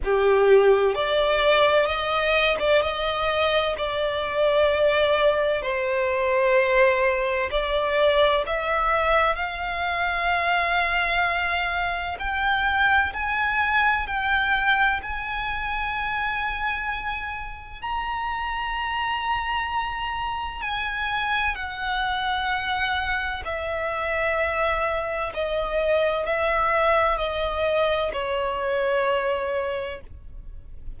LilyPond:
\new Staff \with { instrumentName = "violin" } { \time 4/4 \tempo 4 = 64 g'4 d''4 dis''8. d''16 dis''4 | d''2 c''2 | d''4 e''4 f''2~ | f''4 g''4 gis''4 g''4 |
gis''2. ais''4~ | ais''2 gis''4 fis''4~ | fis''4 e''2 dis''4 | e''4 dis''4 cis''2 | }